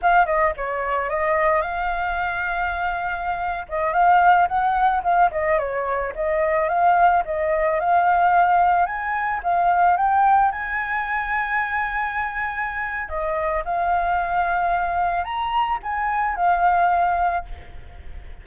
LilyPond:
\new Staff \with { instrumentName = "flute" } { \time 4/4 \tempo 4 = 110 f''8 dis''8 cis''4 dis''4 f''4~ | f''2~ f''8. dis''8 f''8.~ | f''16 fis''4 f''8 dis''8 cis''4 dis''8.~ | dis''16 f''4 dis''4 f''4.~ f''16~ |
f''16 gis''4 f''4 g''4 gis''8.~ | gis''1 | dis''4 f''2. | ais''4 gis''4 f''2 | }